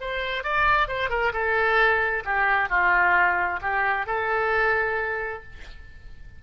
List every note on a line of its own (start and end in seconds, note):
0.00 0.43 C5
0.43 0.88 D5
0.88 1.09 C5
1.09 1.32 A#4
1.32 2.23 A4
2.25 2.69 G4
2.69 3.60 F4
3.61 4.06 G4
4.06 5.42 A4